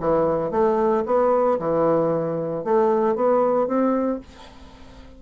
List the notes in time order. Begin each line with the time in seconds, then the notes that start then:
0.00 E3
0.51 A3
1.06 B3
1.59 E3
2.64 A3
3.15 B3
3.67 C4